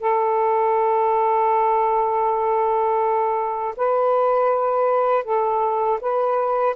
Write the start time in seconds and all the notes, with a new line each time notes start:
0.00 A4
3.77 B4
5.25 A4
6.01 B4